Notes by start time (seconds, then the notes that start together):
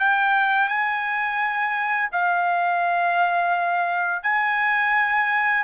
0.00 G5
0.69 G#5
2.12 F5
4.23 G#5